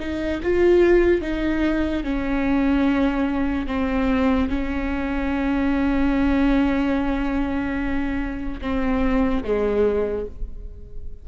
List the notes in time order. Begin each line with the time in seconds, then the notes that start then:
0.00 D#4
0.43 F4
1.22 D#4
2.04 C#4
3.67 C4
4.50 C#4
8.62 C4
9.44 G#3